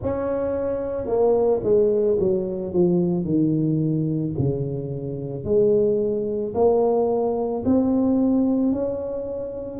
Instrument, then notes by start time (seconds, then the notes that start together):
tuba
0.02 C#4
1.06 A#3
1.63 G#3
2.19 F#3
2.73 F3
3.24 D#3
4.38 C#3
5.44 G#3
6.54 A#3
7.65 C4
8.72 C#4